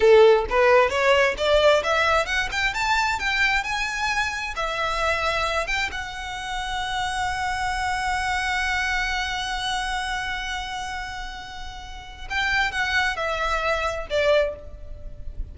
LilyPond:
\new Staff \with { instrumentName = "violin" } { \time 4/4 \tempo 4 = 132 a'4 b'4 cis''4 d''4 | e''4 fis''8 g''8 a''4 g''4 | gis''2 e''2~ | e''8 g''8 fis''2.~ |
fis''1~ | fis''1~ | fis''2. g''4 | fis''4 e''2 d''4 | }